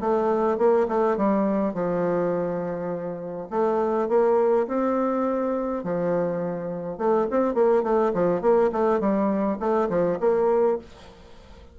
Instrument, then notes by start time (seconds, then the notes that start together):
bassoon
0.00 A3
0.58 A#3
0.88 A3
1.17 G3
1.74 F3
3.50 A3
4.09 A#3
4.67 C4
5.84 F3
6.98 A3
7.31 C4
7.54 A#3
7.83 A3
8.14 F3
8.41 A#3
8.72 A3
9.00 G3
9.60 A3
9.89 F3
10.20 A#3